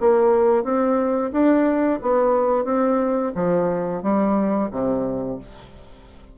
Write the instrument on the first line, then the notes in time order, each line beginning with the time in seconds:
bassoon
0.00 A#3
0.64 C4
1.32 D4
2.02 B3
2.65 C4
3.35 F3
4.02 G3
4.71 C3